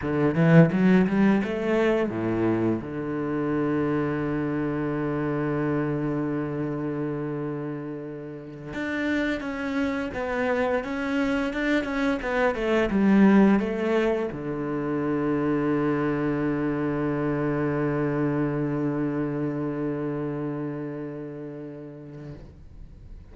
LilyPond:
\new Staff \with { instrumentName = "cello" } { \time 4/4 \tempo 4 = 86 d8 e8 fis8 g8 a4 a,4 | d1~ | d1~ | d8 d'4 cis'4 b4 cis'8~ |
cis'8 d'8 cis'8 b8 a8 g4 a8~ | a8 d2.~ d8~ | d1~ | d1 | }